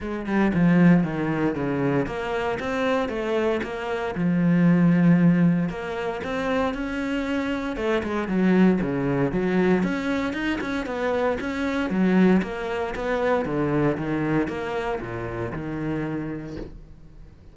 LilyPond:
\new Staff \with { instrumentName = "cello" } { \time 4/4 \tempo 4 = 116 gis8 g8 f4 dis4 cis4 | ais4 c'4 a4 ais4 | f2. ais4 | c'4 cis'2 a8 gis8 |
fis4 cis4 fis4 cis'4 | dis'8 cis'8 b4 cis'4 fis4 | ais4 b4 d4 dis4 | ais4 ais,4 dis2 | }